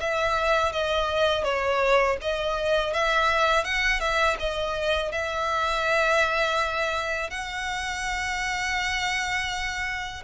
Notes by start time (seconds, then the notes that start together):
0.00 E5
0.72 D#5
1.44 C#5
2.21 D#5
2.93 E5
3.64 F#5
4.00 E5
4.39 D#5
5.12 E5
7.30 F#5